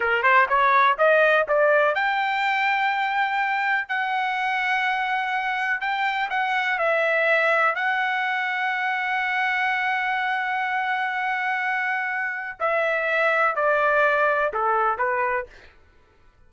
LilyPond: \new Staff \with { instrumentName = "trumpet" } { \time 4/4 \tempo 4 = 124 ais'8 c''8 cis''4 dis''4 d''4 | g''1 | fis''1 | g''4 fis''4 e''2 |
fis''1~ | fis''1~ | fis''2 e''2 | d''2 a'4 b'4 | }